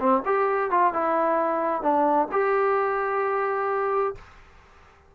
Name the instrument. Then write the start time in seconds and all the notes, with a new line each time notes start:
trombone
0.00 C4
0.26 G4
0.71 F4
0.94 E4
1.82 D4
2.32 G4